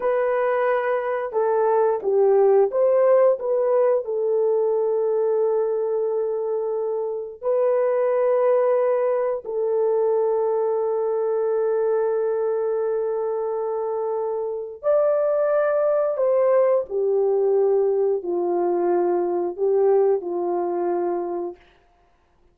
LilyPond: \new Staff \with { instrumentName = "horn" } { \time 4/4 \tempo 4 = 89 b'2 a'4 g'4 | c''4 b'4 a'2~ | a'2. b'4~ | b'2 a'2~ |
a'1~ | a'2 d''2 | c''4 g'2 f'4~ | f'4 g'4 f'2 | }